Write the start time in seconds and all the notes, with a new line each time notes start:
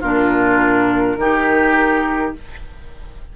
0.00 A#2 D4 F4 A#4
1.16 D#3 D#4 G4